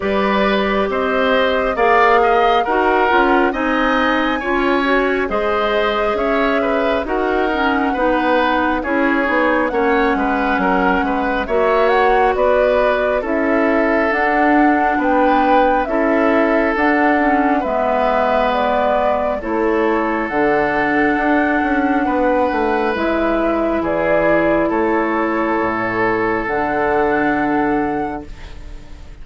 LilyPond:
<<
  \new Staff \with { instrumentName = "flute" } { \time 4/4 \tempo 4 = 68 d''4 dis''4 f''4 fis''4 | gis''2 dis''4 e''4 | fis''2 cis''4 fis''4~ | fis''4 e''8 fis''8 d''4 e''4 |
fis''4 g''4 e''4 fis''4 | e''4 d''4 cis''4 fis''4~ | fis''2 e''4 d''4 | cis''2 fis''2 | }
  \new Staff \with { instrumentName = "oboe" } { \time 4/4 b'4 c''4 d''8 dis''8 ais'4 | dis''4 cis''4 c''4 cis''8 b'8 | ais'4 b'4 gis'4 cis''8 b'8 | ais'8 b'8 cis''4 b'4 a'4~ |
a'4 b'4 a'2 | b'2 a'2~ | a'4 b'2 gis'4 | a'1 | }
  \new Staff \with { instrumentName = "clarinet" } { \time 4/4 g'2 gis'4 fis'8 f'8 | dis'4 f'8 fis'8 gis'2 | fis'8 cis'8 dis'4 e'8 dis'8 cis'4~ | cis'4 fis'2 e'4 |
d'2 e'4 d'8 cis'8 | b2 e'4 d'4~ | d'2 e'2~ | e'2 d'2 | }
  \new Staff \with { instrumentName = "bassoon" } { \time 4/4 g4 c'4 ais4 dis'8 cis'8 | c'4 cis'4 gis4 cis'4 | dis'4 b4 cis'8 b8 ais8 gis8 | fis8 gis8 ais4 b4 cis'4 |
d'4 b4 cis'4 d'4 | gis2 a4 d4 | d'8 cis'8 b8 a8 gis4 e4 | a4 a,4 d2 | }
>>